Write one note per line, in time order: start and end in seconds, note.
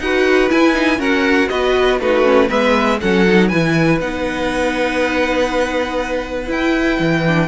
0.00 0.50 D#4
0.00 0.50 F#4
0.00 0.99 B4
0.00 0.50 F#5
0.50 0.74 E4
0.50 1.00 E4
0.50 1.01 G#5
0.74 0.98 D#4
0.98 1.48 C#4
0.98 1.50 F#4
0.98 1.49 A#4
0.98 1.49 F#5
1.49 2.00 B3
1.49 2.00 F#4
1.49 2.01 B4
1.49 1.99 D#5
2.00 2.50 A3
2.00 2.24 D#4
2.00 2.49 F#4
2.00 2.50 B4
2.24 2.48 C#4
2.48 3.01 G#3
2.48 2.98 B3
2.48 2.99 B4
2.48 3.00 E5
3.01 3.53 F#3
3.01 3.27 C#4
3.01 3.49 A4
3.01 3.49 F#5
3.28 3.53 D#4
3.49 4.01 E3
3.49 4.01 E4
3.49 7.49 B4
3.49 3.99 G#5
4.01 6.51 B3
4.01 6.47 D#4
4.01 6.51 F#5
6.47 7.22 E4
6.47 7.00 E4
6.47 7.49 G5
7.00 7.49 E3
7.27 7.49 D4